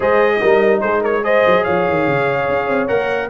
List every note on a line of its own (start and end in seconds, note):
0.00 0.41 G#3
0.00 0.41 G#4
0.00 0.38 C5
0.00 0.80 D#5
0.41 0.82 G3
0.41 1.23 D#4
0.41 0.82 A#4
0.80 1.44 G#3
0.80 1.01 G#4
0.80 1.01 C5
1.01 1.21 A#4
1.01 1.24 C#5
1.23 2.87 G#4
1.23 1.64 C5
1.23 1.64 D#5
1.46 1.67 F#3
1.64 1.88 F3
1.64 3.29 C#5
1.64 2.88 F5
1.88 2.07 D#3
2.07 2.48 C#3
2.48 2.68 C#4
2.68 2.89 C4
2.87 3.29 A#3
2.87 3.29 A#4
2.87 3.29 F#5